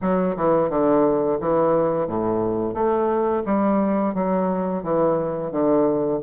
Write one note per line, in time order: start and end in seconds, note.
0.01 0.35 F#3
0.36 0.69 E3
0.69 1.38 D3
1.40 2.07 E3
2.07 2.74 A2
2.74 3.43 A3
3.45 4.14 G3
4.14 4.83 F#3
4.83 5.51 E3
5.51 6.20 D3